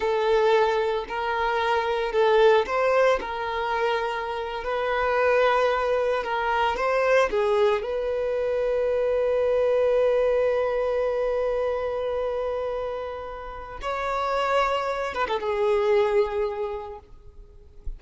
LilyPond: \new Staff \with { instrumentName = "violin" } { \time 4/4 \tempo 4 = 113 a'2 ais'2 | a'4 c''4 ais'2~ | ais'8. b'2. ais'16~ | ais'8. c''4 gis'4 b'4~ b'16~ |
b'1~ | b'1~ | b'2 cis''2~ | cis''8 b'16 a'16 gis'2. | }